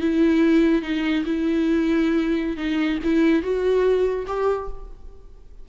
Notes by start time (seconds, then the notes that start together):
0.00 E4
0.82 D#4
1.25 E4
2.57 D#4
3.03 E4
3.42 F#4
4.27 G4